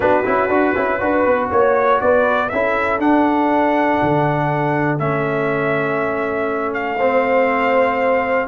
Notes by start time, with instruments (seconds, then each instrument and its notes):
0.00 tuba B3, trombone D4, horn F#4, trumpet B4
0.24 tuba C#4, trombone E4
0.48 tuba D4, trombone F#4
0.75 tuba C#4, trombone E4
0.99 tuba D4, trombone F#4, horn B4
1.25 tuba B3
1.49 tuba A#3, horn C#5, trumpet C#5
2.00 tuba B3, horn B4, trumpet D5
2.49 tuba C#4, trombone E4, horn A4, trumpet E5
2.98 tuba D4, trombone D4, trumpet F#5
4.02 tuba D3
4.98 tuba A3, trombone C#4, trumpet E5
6.73 trumpet F5
6.97 trombone C4, horn C5